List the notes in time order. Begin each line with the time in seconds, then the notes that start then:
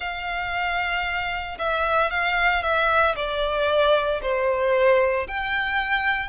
0.00 F5
1.58 E5
2.10 F5
2.62 E5
3.15 D5
4.22 C5
5.27 G5